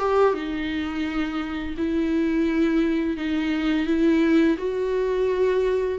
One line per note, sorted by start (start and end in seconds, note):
0.00 0.34 G4
0.34 1.76 D#4
1.78 3.17 E4
3.17 3.87 D#4
3.87 4.58 E4
4.58 5.99 F#4